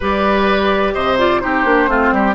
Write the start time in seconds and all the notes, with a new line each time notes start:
0.00 G3 G4 B4 D5
0.93 C3 C5 D#5
1.18 F4 D5
1.39 C4 D#4 G4 C5
1.64 A#3 D4
1.87 A3 C4 F4
2.12 G3 G4